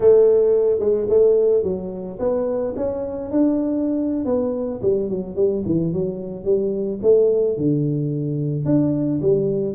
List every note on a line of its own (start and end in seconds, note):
0.00 0.79 A3
0.79 1.07 G#3
1.09 1.63 A3
1.63 2.18 F#3
2.19 2.74 B3
2.76 3.31 C#4
3.31 4.25 D4
4.25 4.80 B3
4.82 5.09 G3
5.09 5.35 F#3
5.35 5.63 G3
5.65 5.92 E3
5.92 6.44 F#3
6.44 6.99 G3
7.02 7.57 A3
7.57 8.65 D3
8.65 9.20 D4
9.21 9.74 G3